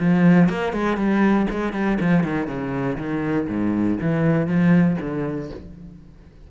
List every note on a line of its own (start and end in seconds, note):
0.00 0.49 F3
0.49 0.73 A#3
0.73 0.97 G#3
0.97 1.47 G3
1.50 1.73 G#3
1.73 1.98 G3
2.00 2.23 F3
2.23 2.47 D#3
2.47 2.97 C#3
2.97 3.47 D#3
3.48 3.98 G#2
4.01 4.47 E3
4.47 4.97 F3
5.00 5.50 D3